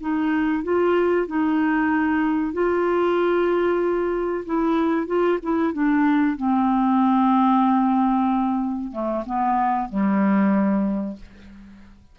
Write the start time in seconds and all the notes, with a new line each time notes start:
0.00 D#4
0.63 F4
1.26 D#4
2.53 F4
4.45 E4
5.06 F4
5.42 E4
5.73 D4
6.36 C4
8.91 A3
9.26 B3
9.88 G3